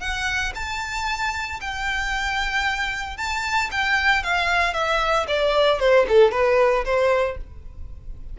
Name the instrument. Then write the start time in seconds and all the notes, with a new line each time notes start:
violin
0.00 F#5
0.55 A5
1.61 G5
3.17 A5
3.71 G5
4.23 F5
4.74 E5
5.28 D5
5.80 C5
6.08 A4
6.32 B4
6.84 C5